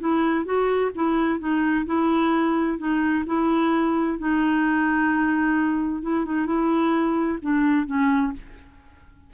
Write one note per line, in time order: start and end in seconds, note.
0.00 0.45 E4
0.45 0.91 F#4
0.95 1.39 E4
1.39 1.85 D#4
1.86 2.78 E4
2.78 3.25 D#4
3.26 4.19 E4
4.19 6.02 D#4
6.02 6.25 E4
6.25 6.46 D#4
6.46 7.39 E4
7.42 7.86 D4
7.86 8.32 C#4